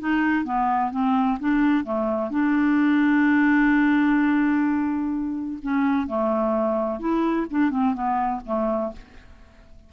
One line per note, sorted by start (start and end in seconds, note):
0.00 0.45 D#4
0.45 0.92 B3
0.92 1.39 C4
1.40 1.84 D4
1.84 2.31 A3
2.31 5.59 D4
5.63 6.08 C#4
6.08 7.00 A3
7.00 7.47 E4
7.51 7.71 D4
7.71 7.95 C4
7.95 8.41 B3
8.46 8.93 A3